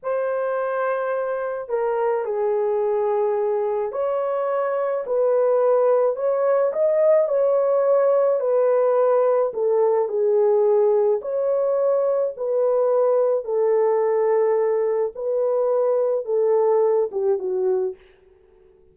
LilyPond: \new Staff \with { instrumentName = "horn" } { \time 4/4 \tempo 4 = 107 c''2. ais'4 | gis'2. cis''4~ | cis''4 b'2 cis''4 | dis''4 cis''2 b'4~ |
b'4 a'4 gis'2 | cis''2 b'2 | a'2. b'4~ | b'4 a'4. g'8 fis'4 | }